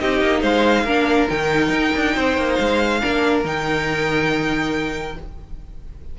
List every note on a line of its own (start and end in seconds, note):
0.00 0.22 C4
0.00 0.87 D#4
0.00 0.41 G4
0.00 0.43 D#5
0.22 0.42 A#3
0.41 0.84 G#3
0.41 0.84 C5
0.41 1.29 F5
0.84 1.28 A#3
0.84 1.29 D4
0.84 2.14 A#4
1.29 1.70 D#3
1.29 3.01 D#4
1.29 2.55 G5
1.70 1.92 D#4
1.95 2.17 D4
2.15 2.37 C4
2.15 3.01 C5
2.37 2.59 A#3
2.55 3.03 G#3
2.55 3.41 F5
3.01 3.44 A#3
3.01 3.44 D4
3.01 5.18 A#4
3.44 5.17 D#3
3.44 5.18 D#4
3.44 5.19 G5